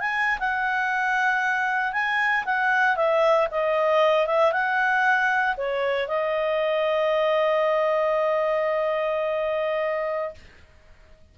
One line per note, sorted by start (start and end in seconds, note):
0.00 0.39 G#5
0.40 1.93 F#5
1.93 2.45 G#5
2.45 2.96 F#5
2.96 3.48 E5
3.51 4.27 D#5
4.27 4.53 E5
4.53 5.56 F#5
5.57 6.08 C#5
6.08 10.35 D#5